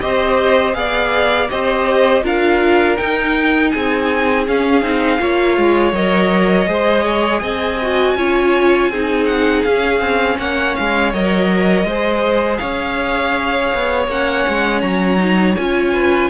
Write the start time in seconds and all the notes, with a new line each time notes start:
0.00 C4 G4 C5 D#5
0.73 B3 G#4 D5 F5
1.49 C4 G4 C5 D#5
2.22 D4 F4 A#4 F5
2.97 D#4 G5
3.70 C4 G#4 G#5
4.46 C#4 F5
4.82 C4 D#4
5.18 A#3 F4 C#5
5.57 G#3
5.92 F#3 A#4 D#5
6.66 G#3 G#4 C5
7.03 C#5
7.39 C4 D#5 G#5
7.82 F#4
8.15 C#4 F4 C#5
8.89 C4 D#4 G#4
9.26 F#5
9.63 C#4 F5
10.00 C4
10.38 A#3 C#5 F#5
10.75 G#3 F5
11.13 F#3 A#4 D#5
11.84 G#3 C5
11.90 G#4
12.57 C#4 C#5 F5
13.74 B3
14.07 A#3 C#4 F#5
14.48 G#3
14.81 F#3 A#5
15.17 D#4
15.56 C#4 F4 G#5
15.93 B4